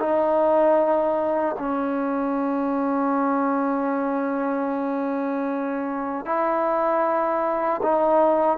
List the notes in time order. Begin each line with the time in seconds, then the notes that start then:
0.00 D#4
1.59 C#4
6.25 E4
7.82 D#4